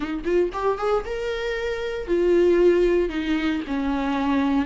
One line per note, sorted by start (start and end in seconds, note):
0.00 0.22 D#4
0.24 0.50 F4
0.52 0.78 G4
0.78 1.03 G#4
1.05 2.07 A#4
2.07 3.09 F4
3.09 3.61 D#4
3.67 4.65 C#4